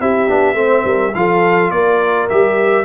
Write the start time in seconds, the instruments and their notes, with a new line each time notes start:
0.00 tuba C4, trombone E4, horn G4, trumpet E5
0.28 tuba B3, trombone D4
0.54 tuba A3, trombone C4, horn C5
0.84 tuba G3, horn A#4
1.14 tuba F3, trombone F4, horn A4, trumpet F5
1.70 tuba A#3, horn A#4, trumpet D5
2.29 tuba G3, trombone G4, trumpet E5